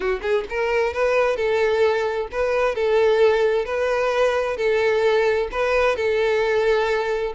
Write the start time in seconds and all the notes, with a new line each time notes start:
0.00 F#4
0.22 G#4
0.49 A#4
0.93 B4
1.36 A4
2.31 B4
2.75 A4
3.65 B4
4.56 A4
5.51 B4
5.95 A4